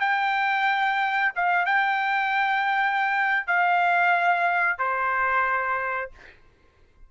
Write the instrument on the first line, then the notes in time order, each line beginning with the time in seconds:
trumpet
0.00 G5
1.35 F5
1.65 G5
3.47 F5
4.78 C5